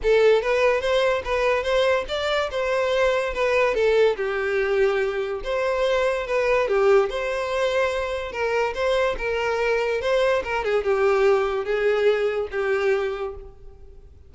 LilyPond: \new Staff \with { instrumentName = "violin" } { \time 4/4 \tempo 4 = 144 a'4 b'4 c''4 b'4 | c''4 d''4 c''2 | b'4 a'4 g'2~ | g'4 c''2 b'4 |
g'4 c''2. | ais'4 c''4 ais'2 | c''4 ais'8 gis'8 g'2 | gis'2 g'2 | }